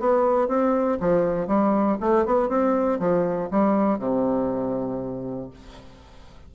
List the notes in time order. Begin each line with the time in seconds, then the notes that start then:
0.00 B3
0.48 C4
1.00 F3
1.47 G3
2.01 A3
2.26 B3
2.49 C4
3.00 F3
3.51 G3
3.99 C3